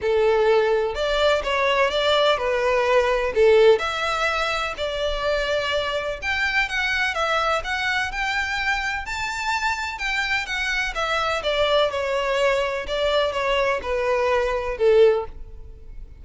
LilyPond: \new Staff \with { instrumentName = "violin" } { \time 4/4 \tempo 4 = 126 a'2 d''4 cis''4 | d''4 b'2 a'4 | e''2 d''2~ | d''4 g''4 fis''4 e''4 |
fis''4 g''2 a''4~ | a''4 g''4 fis''4 e''4 | d''4 cis''2 d''4 | cis''4 b'2 a'4 | }